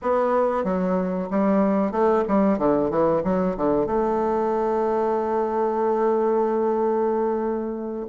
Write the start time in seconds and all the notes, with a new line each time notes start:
0.02 B3
0.64 F#3
1.30 G3
1.91 A3
2.28 G3
2.58 D3
2.90 E3
3.24 F#3
3.56 D3
3.86 A3